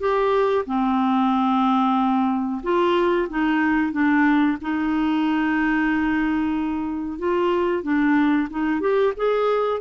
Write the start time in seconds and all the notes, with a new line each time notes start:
0.00 G4
0.66 C4
2.63 F4
3.29 D#4
3.92 D4
4.62 D#4
7.19 F4
7.83 D4
8.50 D#4
8.80 G4
9.17 G#4